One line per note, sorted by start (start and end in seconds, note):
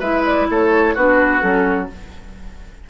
0.00 0.48 G#3
0.00 0.97 E4
0.00 0.47 B4
0.00 0.25 E5
0.25 0.49 D5
0.50 0.96 A3
0.50 0.95 A4
0.50 0.96 C#5
0.95 1.43 B3
0.95 1.41 D4
0.95 1.89 F#4
0.95 1.42 B4
1.41 1.90 F#3
1.41 1.88 C#4
1.41 1.89 A4